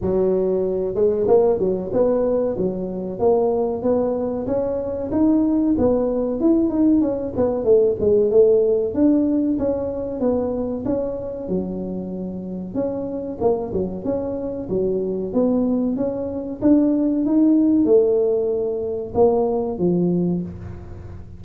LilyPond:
\new Staff \with { instrumentName = "tuba" } { \time 4/4 \tempo 4 = 94 fis4. gis8 ais8 fis8 b4 | fis4 ais4 b4 cis'4 | dis'4 b4 e'8 dis'8 cis'8 b8 | a8 gis8 a4 d'4 cis'4 |
b4 cis'4 fis2 | cis'4 ais8 fis8 cis'4 fis4 | b4 cis'4 d'4 dis'4 | a2 ais4 f4 | }